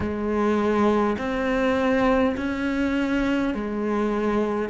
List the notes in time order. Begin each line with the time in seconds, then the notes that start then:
0.00 G#3
1.18 C4
2.36 C#4
3.54 G#3